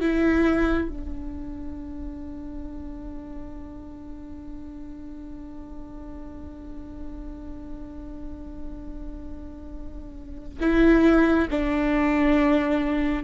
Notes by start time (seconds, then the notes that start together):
0.00 E4
0.88 D4
10.60 E4
11.50 D4